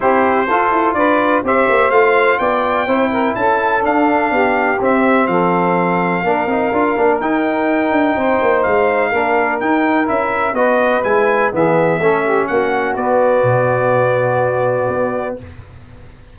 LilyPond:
<<
  \new Staff \with { instrumentName = "trumpet" } { \time 4/4 \tempo 4 = 125 c''2 d''4 e''4 | f''4 g''2 a''4 | f''2 e''4 f''4~ | f''2. g''4~ |
g''2 f''2 | g''4 e''4 dis''4 gis''4 | e''2 fis''4 d''4~ | d''1 | }
  \new Staff \with { instrumentName = "saxophone" } { \time 4/4 g'4 a'4 b'4 c''4~ | c''4 d''4 c''8 ais'8 a'4~ | a'4 g'2 a'4~ | a'4 ais'2.~ |
ais'4 c''2 ais'4~ | ais'2 b'2 | gis'4 a'8 g'8 fis'2~ | fis'1 | }
  \new Staff \with { instrumentName = "trombone" } { \time 4/4 e'4 f'2 g'4 | f'2 e'2 | d'2 c'2~ | c'4 d'8 dis'8 f'8 d'8 dis'4~ |
dis'2. d'4 | dis'4 e'4 fis'4 e'4 | b4 cis'2 b4~ | b1 | }
  \new Staff \with { instrumentName = "tuba" } { \time 4/4 c'4 f'8 e'8 d'4 c'8 ais8 | a4 b4 c'4 cis'4 | d'4 b4 c'4 f4~ | f4 ais8 c'8 d'8 ais8 dis'4~ |
dis'8 d'8 c'8 ais8 gis4 ais4 | dis'4 cis'4 b4 gis4 | e4 a4 ais4 b4 | b,2. b4 | }
>>